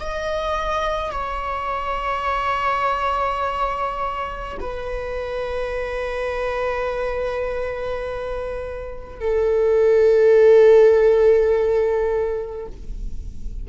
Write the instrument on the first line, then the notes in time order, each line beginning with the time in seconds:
viola
0.00 D#5
1.12 C#5
4.60 B4
9.21 A4